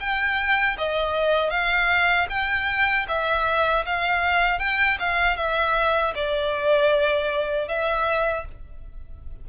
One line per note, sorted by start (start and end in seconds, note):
0.00 0.77 G5
0.78 1.50 D#5
1.50 2.27 F5
2.30 3.07 G5
3.08 3.85 E5
3.86 4.59 F5
4.59 4.98 G5
5.00 5.37 F5
5.37 6.14 E5
6.15 7.68 D5
7.68 8.45 E5